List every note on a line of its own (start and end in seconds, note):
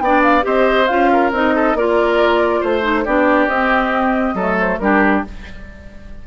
0.00 0.43 B3
0.00 0.42 D4
0.00 0.46 D5
0.00 0.22 G5
0.23 0.45 F5
0.42 0.89 C4
0.42 0.86 G4
0.42 1.11 C5
0.42 0.87 D#5
0.87 1.32 C#4
0.87 1.33 F4
0.87 1.31 F5
1.12 1.55 A#4
1.32 1.74 C4
1.32 1.77 D#4
1.32 1.77 D#5
1.55 1.77 A4
1.74 2.61 A#3
1.74 2.82 F4
1.74 2.61 A#4
1.74 2.63 D5
2.61 3.06 A3
2.61 3.04 C5
2.61 3.05 C5
2.82 3.03 D#4
3.05 3.47 B3
3.05 3.50 D4
3.05 4.35 G4
3.05 3.49 D5
3.47 4.34 C4
3.47 4.37 C4
3.47 4.57 D#5
4.34 4.78 F#3
4.34 4.81 A3
4.34 4.79 A4
4.60 4.78 C5
4.78 5.23 G3
4.78 5.25 D4
4.78 5.27 G4
4.78 5.22 A#4